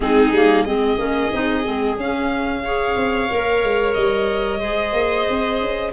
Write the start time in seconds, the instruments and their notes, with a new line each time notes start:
0.00 tuba G#3, clarinet C4, viola D#4, violin G#4
0.31 tuba G3, clarinet A#3
0.64 tuba G#3, clarinet C4, viola G#4, violin D#5
0.98 tuba A#3, clarinet C#4
1.33 tuba C4, clarinet D#4
1.63 tuba G#3, clarinet C4
1.96 tuba C#4, clarinet C#4, violin F5
2.64 clarinet G#4, viola C#5
2.96 tuba C4
3.29 tuba A#3, clarinet A#4
3.62 tuba G#3
3.93 tuba G3, violin D#5
4.60 tuba G#3, clarinet G#4, viola C5
4.92 tuba A#3
5.29 tuba C4
5.60 tuba C#4